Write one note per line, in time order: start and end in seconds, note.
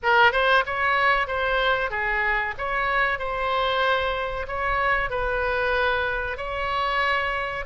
0.02 0.32 A#4
0.32 0.64 C5
0.66 1.27 C#5
1.27 1.90 C5
1.90 2.54 G#4
2.58 3.18 C#5
3.18 4.46 C5
4.47 5.09 C#5
5.09 6.37 B4
6.37 7.65 C#5